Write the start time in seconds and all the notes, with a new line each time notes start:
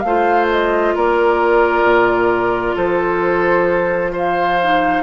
0.00 A3 F5
0.06 F4 C5
0.51 D#5
0.96 A#3 A#4 D5
1.84 A#2
2.76 F3 A4 C5
4.13 C5 F5
4.62 D#4